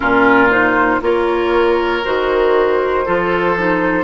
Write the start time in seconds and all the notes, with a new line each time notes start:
0.00 A#2 C#4 F4 A#4
0.49 D#4 C5
1.01 A#3 F4 A#4 C#5
2.04 D#3 F#4 C5
3.05 F3 F4 A4
3.57 D#4